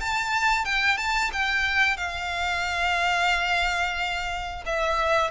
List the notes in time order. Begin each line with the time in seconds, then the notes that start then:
0.00 A5
0.65 G5
0.98 A5
1.33 G5
1.97 F5
4.66 E5